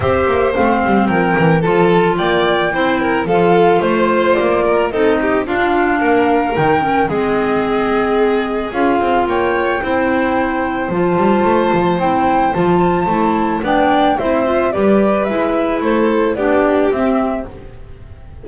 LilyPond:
<<
  \new Staff \with { instrumentName = "flute" } { \time 4/4 \tempo 4 = 110 e''4 f''4 g''4 a''4 | g''2 f''4 c''4 | d''4 dis''4 f''2 | g''4 dis''2. |
f''4 g''2. | a''2 g''4 a''4~ | a''4 g''4 e''4 d''4 | e''4 c''4 d''4 e''4 | }
  \new Staff \with { instrumentName = "violin" } { \time 4/4 c''2 ais'4 a'4 | d''4 c''8 ais'8 a'4 c''4~ | c''8 ais'8 a'8 g'8 f'4 ais'4~ | ais'4 gis'2.~ |
gis'4 cis''4 c''2~ | c''1~ | c''4 d''4 c''4 b'4~ | b'4 a'4 g'2 | }
  \new Staff \with { instrumentName = "clarinet" } { \time 4/4 g'4 c'2 f'4~ | f'4 e'4 f'2~ | f'4 dis'4 d'2 | dis'8 cis'8 c'2. |
f'2 e'2 | f'2 e'4 f'4 | e'4 d'4 e'8 f'8 g'4 | e'2 d'4 c'4 | }
  \new Staff \with { instrumentName = "double bass" } { \time 4/4 c'8 ais8 a8 g8 f8 e8 f4 | ais4 c'4 f4 a4 | ais4 c'4 d'4 ais4 | dis4 gis2. |
cis'8 c'8 ais4 c'2 | f8 g8 a8 f8 c'4 f4 | a4 b4 c'4 g4 | gis4 a4 b4 c'4 | }
>>